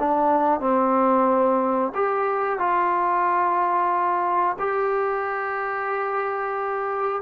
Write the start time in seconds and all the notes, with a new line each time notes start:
0.00 D4
0.61 C4
1.95 G4
2.59 F4
4.59 G4